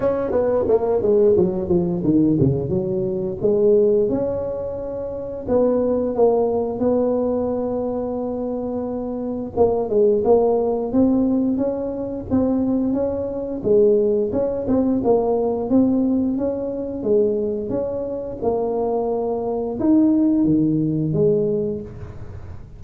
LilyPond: \new Staff \with { instrumentName = "tuba" } { \time 4/4 \tempo 4 = 88 cis'8 b8 ais8 gis8 fis8 f8 dis8 cis8 | fis4 gis4 cis'2 | b4 ais4 b2~ | b2 ais8 gis8 ais4 |
c'4 cis'4 c'4 cis'4 | gis4 cis'8 c'8 ais4 c'4 | cis'4 gis4 cis'4 ais4~ | ais4 dis'4 dis4 gis4 | }